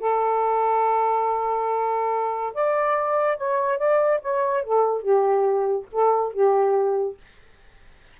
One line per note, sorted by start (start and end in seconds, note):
0.00 2.54 A4
2.54 3.37 D5
3.37 3.78 C#5
3.78 4.20 D5
4.21 4.64 C#5
4.64 5.02 A4
5.02 5.87 G4
5.92 6.33 A4
6.33 7.18 G4